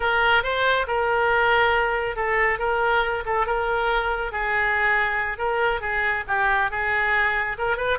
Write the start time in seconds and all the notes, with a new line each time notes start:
0.00 A#4
0.43 C5
0.87 A#4
2.16 A4
2.58 A#4
3.25 A4
3.46 A#4
4.31 G#4
5.38 A#4
5.81 G#4
6.27 G4
6.70 G#4
7.58 A#4
7.76 B4